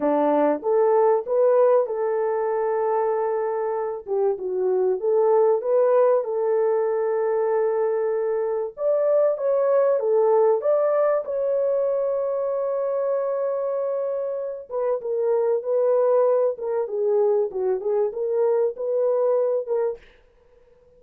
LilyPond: \new Staff \with { instrumentName = "horn" } { \time 4/4 \tempo 4 = 96 d'4 a'4 b'4 a'4~ | a'2~ a'8 g'8 fis'4 | a'4 b'4 a'2~ | a'2 d''4 cis''4 |
a'4 d''4 cis''2~ | cis''2.~ cis''8 b'8 | ais'4 b'4. ais'8 gis'4 | fis'8 gis'8 ais'4 b'4. ais'8 | }